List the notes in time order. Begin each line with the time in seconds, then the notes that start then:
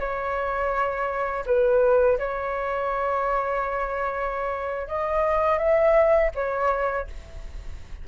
0.00 C#5
1.46 B4
2.19 C#5
4.88 D#5
5.59 E5
6.35 C#5